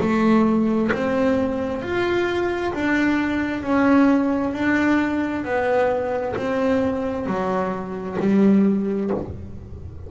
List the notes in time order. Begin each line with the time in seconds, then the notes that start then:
0.00 A3
0.92 C4
1.82 F4
2.73 D4
3.63 C#4
4.53 D4
5.45 B3
6.36 C4
7.26 F#3
8.19 G3